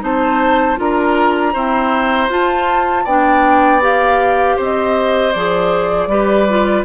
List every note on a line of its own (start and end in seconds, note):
0.00 0.78 C4
0.00 0.76 D#4
0.00 0.79 C5
0.00 0.79 A5
0.76 1.54 D4
0.76 1.52 F4
0.76 1.53 A#4
0.76 2.31 A#5
1.53 2.30 C4
1.53 2.29 E4
1.53 3.04 C5
2.29 3.05 F4
2.29 3.06 F4
2.29 3.06 A5
3.04 4.56 B3
3.04 3.81 D4
3.04 4.56 D5
3.04 3.82 G5
3.81 5.33 G4
3.81 4.59 F5
4.56 5.34 C4
4.56 6.08 C5
4.63 5.33 D#5
5.33 6.07 F3
5.33 6.10 G#4
5.33 6.84 D5
6.07 6.83 G3
6.07 6.48 G4
6.07 6.85 B4
6.49 6.85 F4